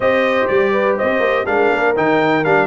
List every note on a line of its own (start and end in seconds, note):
0.00 0.46 C4
0.00 1.46 G4
0.00 0.72 C5
0.00 0.47 D#5
0.47 0.98 G3
0.47 0.96 D5
0.72 0.96 B4
0.96 1.19 C4
0.96 1.45 C5
0.96 1.46 D#5
1.19 1.43 A#3
1.46 1.70 G#3
1.46 1.95 D4
1.46 2.66 A#4
1.46 1.94 F5
1.72 1.96 A#3
1.95 2.45 D#3
1.95 2.44 D#4
1.95 2.44 G5
2.44 2.66 G3
2.44 2.66 D4
2.44 2.66 F5